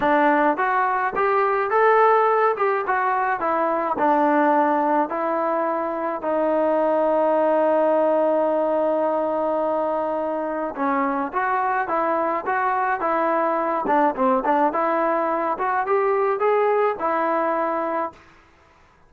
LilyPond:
\new Staff \with { instrumentName = "trombone" } { \time 4/4 \tempo 4 = 106 d'4 fis'4 g'4 a'4~ | a'8 g'8 fis'4 e'4 d'4~ | d'4 e'2 dis'4~ | dis'1~ |
dis'2. cis'4 | fis'4 e'4 fis'4 e'4~ | e'8 d'8 c'8 d'8 e'4. fis'8 | g'4 gis'4 e'2 | }